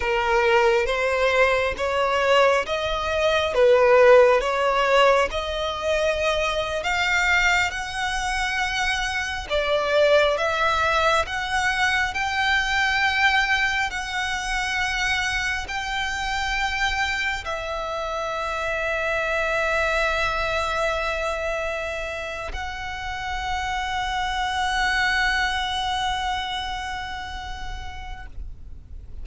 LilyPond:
\new Staff \with { instrumentName = "violin" } { \time 4/4 \tempo 4 = 68 ais'4 c''4 cis''4 dis''4 | b'4 cis''4 dis''4.~ dis''16 f''16~ | f''8. fis''2 d''4 e''16~ | e''8. fis''4 g''2 fis''16~ |
fis''4.~ fis''16 g''2 e''16~ | e''1~ | e''4. fis''2~ fis''8~ | fis''1 | }